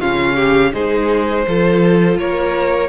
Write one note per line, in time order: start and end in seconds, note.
0.00 0.73 C#3
0.00 0.73 C#4
0.00 0.35 F4
0.00 0.73 F5
0.35 0.72 G4
0.73 1.46 G#3
0.73 1.45 D#4
0.73 1.46 G#4
0.73 2.18 C5
1.47 2.19 F3
1.47 2.89 F4
1.47 2.20 A4
2.19 2.89 A#3
2.19 2.89 A#4
2.19 2.89 C#5